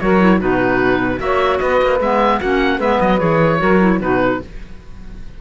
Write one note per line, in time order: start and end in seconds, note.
0.00 0.42 F#3
0.00 0.20 F#4
0.00 0.38 A#4
0.00 0.40 C#5
0.20 0.40 E4
0.38 1.19 B2
0.38 1.19 D#4
0.38 1.18 F#4
0.38 1.20 B4
1.19 1.59 A#3
1.19 1.99 F#4
1.19 1.60 C#5
1.19 1.58 E5
1.58 1.81 B3
1.58 2.38 B4
1.58 1.98 D#5
1.82 2.00 A#3
2.00 2.40 G#3
2.00 2.42 B3
2.00 2.40 E5
2.38 2.79 A#3
2.38 2.81 C#4
2.38 2.78 F#4
2.38 2.80 F#5
2.78 2.99 G#3
2.78 3.19 B3
2.78 3.58 B4
2.78 3.00 E5
3.00 3.21 F#3
3.00 3.19 D#5
3.19 3.61 E3
3.19 3.59 G#4
3.19 3.99 C#5
3.59 4.00 F#3
3.59 3.79 F#4
3.59 4.00 A#4
3.80 4.00 E4
4.00 4.40 B2
4.00 4.40 D#4
4.00 4.40 F#4
4.00 4.41 B4